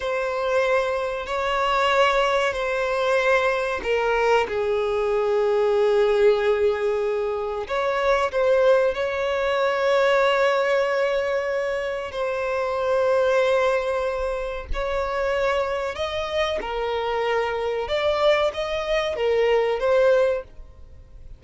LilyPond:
\new Staff \with { instrumentName = "violin" } { \time 4/4 \tempo 4 = 94 c''2 cis''2 | c''2 ais'4 gis'4~ | gis'1 | cis''4 c''4 cis''2~ |
cis''2. c''4~ | c''2. cis''4~ | cis''4 dis''4 ais'2 | d''4 dis''4 ais'4 c''4 | }